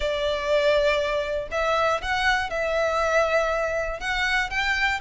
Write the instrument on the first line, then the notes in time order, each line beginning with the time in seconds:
violin
0.00 D5
1.51 E5
2.02 F#5
2.50 E5
4.00 F#5
4.50 G5